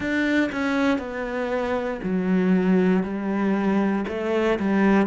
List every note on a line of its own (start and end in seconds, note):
0.00 0.50 D4
0.51 0.98 C#4
0.98 2.00 B3
2.02 3.03 F#3
3.03 4.04 G3
4.07 4.58 A3
4.59 5.06 G3